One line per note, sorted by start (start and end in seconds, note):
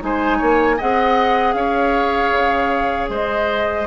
0.00 0.41 G#3
0.00 0.77 D#4
0.00 0.38 C5
0.00 0.80 G#5
0.38 0.80 A#3
0.38 0.76 C#5
0.77 1.54 C4
0.77 3.87 G#4
0.77 1.54 D#5
0.77 1.54 F#5
1.54 2.31 C#4
1.54 3.11 C#5
1.54 3.07 F5
2.32 3.09 C#3
3.09 3.86 G#3
3.09 3.87 C5
3.09 3.87 D#5